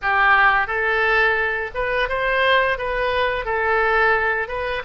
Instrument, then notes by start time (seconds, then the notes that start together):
oboe
0.02 G4
0.67 A4
1.74 B4
2.08 C5
2.77 B4
3.45 A4
4.48 B4